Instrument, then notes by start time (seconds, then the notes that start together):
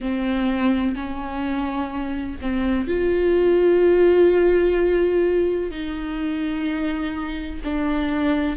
viola
0.00 C4
0.95 C#4
2.41 C4
2.87 F4
5.71 D#4
7.64 D4